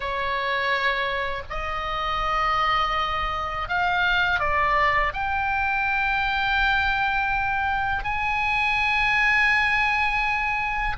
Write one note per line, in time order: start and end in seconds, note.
0.00 1.42 C#5
1.50 3.68 D#5
3.68 4.39 F5
4.39 5.12 D5
5.13 8.04 G5
8.04 10.96 G#5